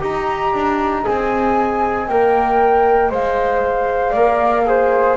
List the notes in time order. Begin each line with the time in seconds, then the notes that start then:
0.00 D#4 G4 D#5 A#5
0.53 D4
1.04 C4 G#4 G#5
2.08 A#3 A#4 G5
3.10 G#3 C5 F5
4.10 A#3 A#4 D5
4.66 G#4 C5